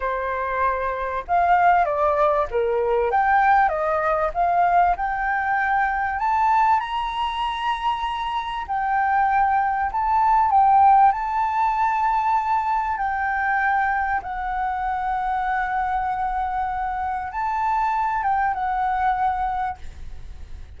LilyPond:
\new Staff \with { instrumentName = "flute" } { \time 4/4 \tempo 4 = 97 c''2 f''4 d''4 | ais'4 g''4 dis''4 f''4 | g''2 a''4 ais''4~ | ais''2 g''2 |
a''4 g''4 a''2~ | a''4 g''2 fis''4~ | fis''1 | a''4. g''8 fis''2 | }